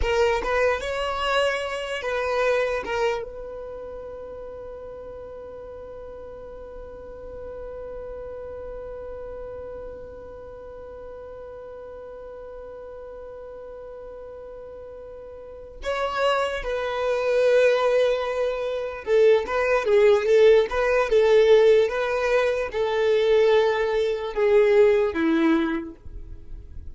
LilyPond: \new Staff \with { instrumentName = "violin" } { \time 4/4 \tempo 4 = 74 ais'8 b'8 cis''4. b'4 ais'8 | b'1~ | b'1~ | b'1~ |
b'2.~ b'8 cis''8~ | cis''8 b'2. a'8 | b'8 gis'8 a'8 b'8 a'4 b'4 | a'2 gis'4 e'4 | }